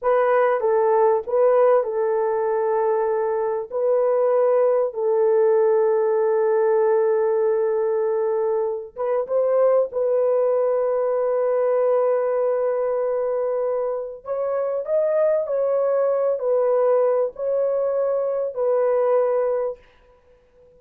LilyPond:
\new Staff \with { instrumentName = "horn" } { \time 4/4 \tempo 4 = 97 b'4 a'4 b'4 a'4~ | a'2 b'2 | a'1~ | a'2~ a'8 b'8 c''4 |
b'1~ | b'2. cis''4 | dis''4 cis''4. b'4. | cis''2 b'2 | }